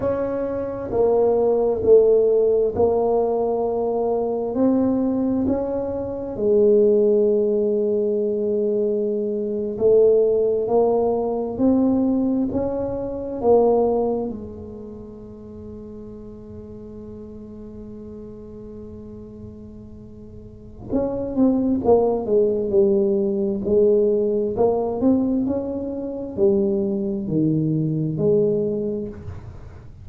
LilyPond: \new Staff \with { instrumentName = "tuba" } { \time 4/4 \tempo 4 = 66 cis'4 ais4 a4 ais4~ | ais4 c'4 cis'4 gis4~ | gis2~ gis8. a4 ais16~ | ais8. c'4 cis'4 ais4 gis16~ |
gis1~ | gis2. cis'8 c'8 | ais8 gis8 g4 gis4 ais8 c'8 | cis'4 g4 dis4 gis4 | }